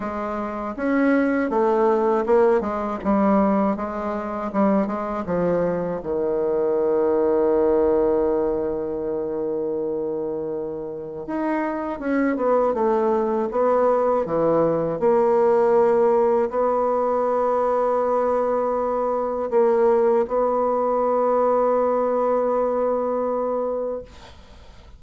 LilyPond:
\new Staff \with { instrumentName = "bassoon" } { \time 4/4 \tempo 4 = 80 gis4 cis'4 a4 ais8 gis8 | g4 gis4 g8 gis8 f4 | dis1~ | dis2. dis'4 |
cis'8 b8 a4 b4 e4 | ais2 b2~ | b2 ais4 b4~ | b1 | }